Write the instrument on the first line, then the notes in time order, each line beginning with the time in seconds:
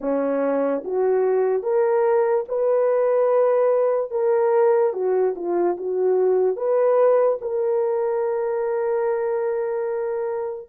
horn
0.00 C#4
0.84 F#4
1.62 A#4
2.48 B4
4.11 A#4
4.93 F#4
5.35 F4
5.77 F#4
6.56 B4
7.41 A#4